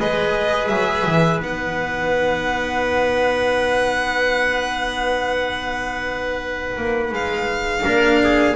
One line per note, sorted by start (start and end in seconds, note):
0.00 0.69 G#3
0.00 1.39 G#4
0.00 7.84 B4
0.00 0.68 D#5
0.68 1.05 F#3
0.68 1.39 E5
1.06 1.40 E3
1.39 6.76 B3
1.39 7.82 D#4
1.39 7.14 F#5
6.77 7.12 A#3
7.12 7.83 G#3
7.12 8.56 F5
7.84 8.56 A#3
7.84 8.55 D4
7.84 8.20 A#4
8.23 8.56 G#4